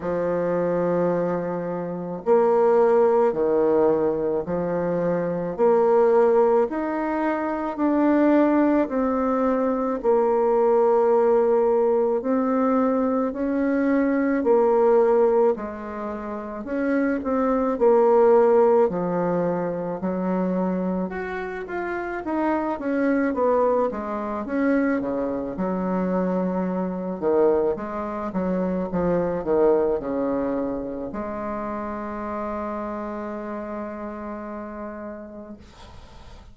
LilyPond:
\new Staff \with { instrumentName = "bassoon" } { \time 4/4 \tempo 4 = 54 f2 ais4 dis4 | f4 ais4 dis'4 d'4 | c'4 ais2 c'4 | cis'4 ais4 gis4 cis'8 c'8 |
ais4 f4 fis4 fis'8 f'8 | dis'8 cis'8 b8 gis8 cis'8 cis8 fis4~ | fis8 dis8 gis8 fis8 f8 dis8 cis4 | gis1 | }